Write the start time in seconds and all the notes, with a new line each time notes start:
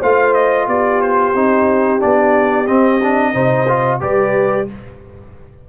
0.00 A3 F4 C5 F5
0.34 D#5
0.67 B3 G4 D5
1.01 C5
1.34 C4 D#4
1.99 B3 D4 D5
2.67 C4 D#5
3.02 D4
3.33 C3 D#4 C5
3.68 F4
4.01 G3 G4 B4 D5